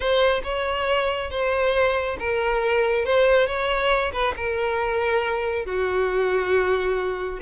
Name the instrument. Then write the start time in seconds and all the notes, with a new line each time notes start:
violin
0.00 C5
0.43 C#5
1.30 C5
2.19 A#4
3.05 C5
3.46 C#5
4.12 B4
4.36 A#4
5.65 F#4